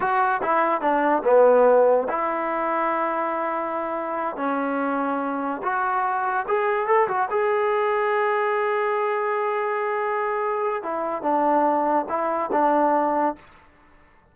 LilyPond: \new Staff \with { instrumentName = "trombone" } { \time 4/4 \tempo 4 = 144 fis'4 e'4 d'4 b4~ | b4 e'2.~ | e'2~ e'8 cis'4.~ | cis'4. fis'2 gis'8~ |
gis'8 a'8 fis'8 gis'2~ gis'8~ | gis'1~ | gis'2 e'4 d'4~ | d'4 e'4 d'2 | }